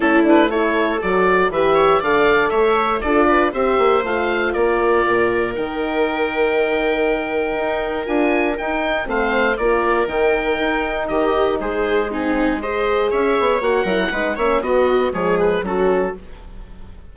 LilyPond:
<<
  \new Staff \with { instrumentName = "oboe" } { \time 4/4 \tempo 4 = 119 a'8 b'8 cis''4 d''4 e''4 | f''4 e''4 d''4 e''4 | f''4 d''2 g''4~ | g''1 |
gis''4 g''4 f''4 d''4 | g''2 dis''4 c''4 | gis'4 dis''4 e''4 fis''4~ | fis''8 e''8 dis''4 cis''8 b'8 a'4 | }
  \new Staff \with { instrumentName = "viola" } { \time 4/4 e'4 a'2 b'8 cis''8 | d''4 cis''4 a'8 b'8 c''4~ | c''4 ais'2.~ | ais'1~ |
ais'2 c''4 ais'4~ | ais'2 g'4 gis'4 | dis'4 c''4 cis''4. ais'8 | b'8 cis''8 fis'4 gis'4 fis'4 | }
  \new Staff \with { instrumentName = "horn" } { \time 4/4 cis'8 d'8 e'4 fis'4 g'4 | a'2 f'4 g'4 | f'2. dis'4~ | dis'1 |
f'4 dis'4 c'4 f'4 | dis'1 | c'4 gis'2 fis'8 e'8 | dis'8 cis'8 b4 gis4 cis'4 | }
  \new Staff \with { instrumentName = "bassoon" } { \time 4/4 a2 fis4 e4 | d4 a4 d'4 c'8 ais8 | a4 ais4 ais,4 dis4~ | dis2. dis'4 |
d'4 dis'4 a4 ais4 | dis4 dis'4 dis4 gis4~ | gis2 cis'8 b8 ais8 fis8 | gis8 ais8 b4 f4 fis4 | }
>>